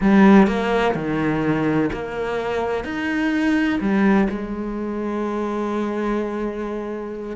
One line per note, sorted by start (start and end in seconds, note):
0.00 0.47 G3
0.47 0.94 A#3
0.94 1.90 D#3
1.92 2.84 A#3
2.84 3.79 D#4
3.80 4.28 G3
4.29 7.36 G#3